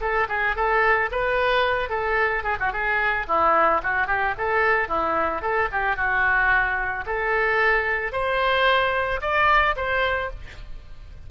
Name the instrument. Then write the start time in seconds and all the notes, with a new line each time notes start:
oboe
0.00 A4
0.29 G#4
0.56 A4
1.11 B4
1.89 A4
2.43 G#4
2.59 F#4
2.72 G#4
3.27 E4
3.83 F#4
4.07 G4
4.38 A4
4.88 E4
5.41 A4
5.71 G4
5.96 F#4
7.06 A4
8.12 C5
9.21 D5
9.76 C5